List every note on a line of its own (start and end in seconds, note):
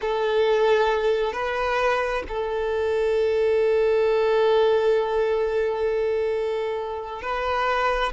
0.01 1.32 A4
1.32 2.23 B4
2.28 7.22 A4
7.22 8.12 B4